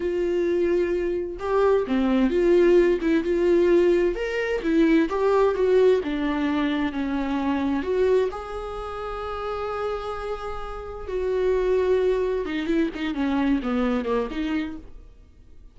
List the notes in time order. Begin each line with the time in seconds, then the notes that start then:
0.00 F4
1.39 G4
1.87 C4
2.30 F4
3.01 E4
3.23 F4
4.15 A#4
4.62 E4
5.09 G4
5.54 F#4
6.03 D4
6.92 C#4
7.83 F#4
8.31 G#4
11.07 F#4
12.45 D#4
12.66 E4
12.94 D#4
13.14 C#4
13.62 B3
14.05 A#3
14.30 D#4